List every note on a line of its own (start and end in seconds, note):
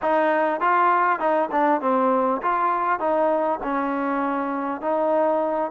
0.02 0.60 D#4
0.60 1.19 F4
1.19 1.49 D#4
1.51 1.81 D4
1.81 2.41 C4
2.42 2.99 F4
2.99 3.59 D#4
3.63 4.81 C#4
4.81 5.71 D#4